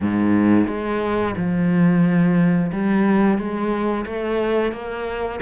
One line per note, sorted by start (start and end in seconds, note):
0.00 0.67 G#2
0.67 1.34 G#3
1.36 2.71 F3
2.72 3.37 G3
3.37 4.05 G#3
4.05 4.72 A3
4.72 5.39 A#3